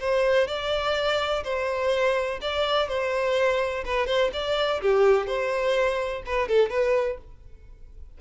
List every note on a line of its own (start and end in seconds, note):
0.00 0.48 C5
0.48 1.44 D5
1.44 2.40 C5
2.42 2.89 D5
2.89 3.85 C5
3.86 4.07 B4
4.07 4.31 C5
4.33 4.81 D5
4.82 5.27 G4
5.27 6.23 C5
6.26 6.49 B4
6.49 6.70 A4
6.70 7.18 B4